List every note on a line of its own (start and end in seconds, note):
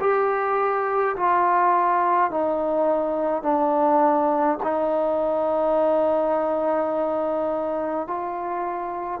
0.00 1.15 G4
1.16 2.30 F4
2.30 3.42 D#4
3.42 4.58 D4
4.63 8.07 D#4
8.07 9.20 F4